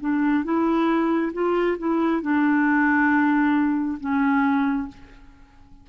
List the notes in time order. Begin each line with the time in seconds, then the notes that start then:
0.00 D4
0.44 E4
1.33 F4
1.78 E4
2.22 D4
4.00 C#4